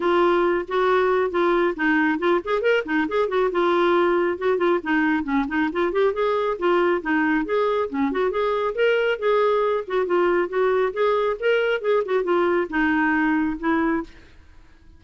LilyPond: \new Staff \with { instrumentName = "clarinet" } { \time 4/4 \tempo 4 = 137 f'4. fis'4. f'4 | dis'4 f'8 gis'8 ais'8 dis'8 gis'8 fis'8 | f'2 fis'8 f'8 dis'4 | cis'8 dis'8 f'8 g'8 gis'4 f'4 |
dis'4 gis'4 cis'8 fis'8 gis'4 | ais'4 gis'4. fis'8 f'4 | fis'4 gis'4 ais'4 gis'8 fis'8 | f'4 dis'2 e'4 | }